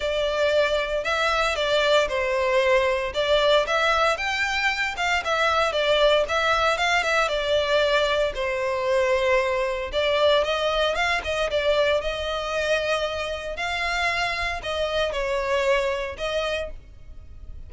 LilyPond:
\new Staff \with { instrumentName = "violin" } { \time 4/4 \tempo 4 = 115 d''2 e''4 d''4 | c''2 d''4 e''4 | g''4. f''8 e''4 d''4 | e''4 f''8 e''8 d''2 |
c''2. d''4 | dis''4 f''8 dis''8 d''4 dis''4~ | dis''2 f''2 | dis''4 cis''2 dis''4 | }